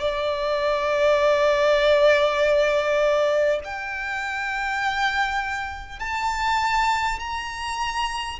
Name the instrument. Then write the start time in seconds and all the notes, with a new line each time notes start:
violin
0.00 D5
3.64 G5
5.99 A5
7.19 A#5